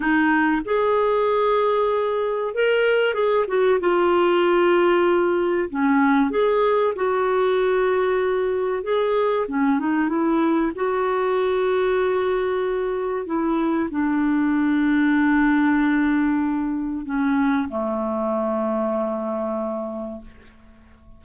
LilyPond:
\new Staff \with { instrumentName = "clarinet" } { \time 4/4 \tempo 4 = 95 dis'4 gis'2. | ais'4 gis'8 fis'8 f'2~ | f'4 cis'4 gis'4 fis'4~ | fis'2 gis'4 cis'8 dis'8 |
e'4 fis'2.~ | fis'4 e'4 d'2~ | d'2. cis'4 | a1 | }